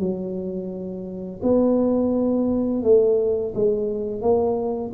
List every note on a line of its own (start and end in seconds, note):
0.00 1.41 F#3
1.43 2.83 B3
2.83 3.54 A3
3.55 4.22 G#3
4.22 4.92 A#3